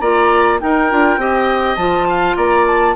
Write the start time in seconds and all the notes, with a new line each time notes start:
0.00 A#3 F4 D5 A#5
0.59 D#4 A#4 G5
0.89 D4 F4
1.17 C4 G4 D#5
1.75 F3 F4 A5
2.08 F5
2.36 A#3 D5 A#5
2.66 A5